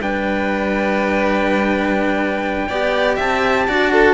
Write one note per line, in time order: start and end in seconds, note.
0.00 2.68 G3
0.00 2.70 D4
0.00 2.68 B4
0.00 3.19 G5
2.68 3.18 B3
2.68 3.68 G4
2.68 3.16 D5
3.16 3.68 C4
3.16 3.65 E5
3.16 4.15 A5
3.68 4.15 D4
3.68 4.15 F#4
3.68 3.92 D5
3.92 4.15 A4